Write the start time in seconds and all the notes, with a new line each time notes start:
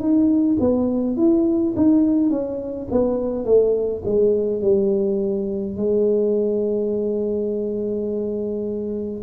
0.00 D#4
0.60 B3
1.17 E4
1.77 D#4
2.30 C#4
2.92 B3
3.45 A3
4.05 G#3
4.62 G3
5.77 G#3